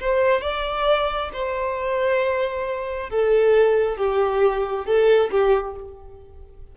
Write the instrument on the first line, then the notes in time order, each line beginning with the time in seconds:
violin
0.00 C5
0.41 D5
1.33 C5
3.09 A4
3.97 G4
4.85 A4
5.31 G4